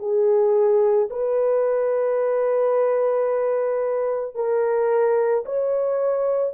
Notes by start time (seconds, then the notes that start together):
0.00 G#4
1.11 B4
4.35 A#4
5.46 C#5